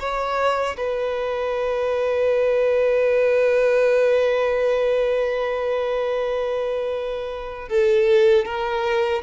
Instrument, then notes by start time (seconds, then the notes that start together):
violin
0.00 C#5
0.78 B4
7.69 A4
8.45 A#4